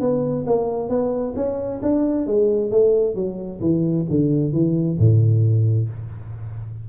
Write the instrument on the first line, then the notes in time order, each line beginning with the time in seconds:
tuba
0.00 B3
0.47 A#3
0.89 B3
1.36 C#4
1.82 D4
2.27 G#3
2.71 A3
3.15 F#3
3.61 E3
4.10 D3
4.53 E3
4.98 A2